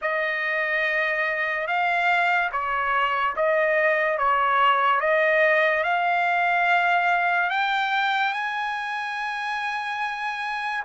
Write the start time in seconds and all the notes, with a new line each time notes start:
0.02 D#5
1.67 F5
2.52 C#5
3.35 D#5
4.17 C#5
5.00 D#5
5.83 F5
7.50 G5
8.33 G#5